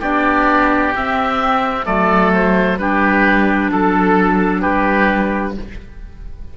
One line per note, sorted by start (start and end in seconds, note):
0.00 0.94 B3
0.00 0.93 D4
0.00 1.85 G4
0.00 0.94 D5
0.94 1.84 C4
0.94 1.86 C4
0.94 1.86 E5
1.84 2.77 F#3
1.84 2.76 A3
1.84 2.78 A4
1.84 2.32 D5
2.33 2.78 C5
2.77 3.69 G3
2.77 5.56 D4
2.77 3.71 G4
2.77 3.71 B4
3.71 4.65 F#3
3.71 4.61 A4
3.71 4.62 A4
4.61 5.57 G3
4.61 5.53 G4
4.61 5.54 B4